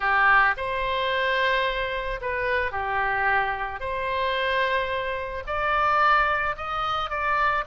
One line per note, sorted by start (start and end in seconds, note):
0.00 0.55 G4
0.57 2.20 C5
2.21 2.71 B4
2.71 3.80 G4
3.80 5.43 C5
5.46 6.56 D5
6.56 7.09 D#5
7.09 7.64 D5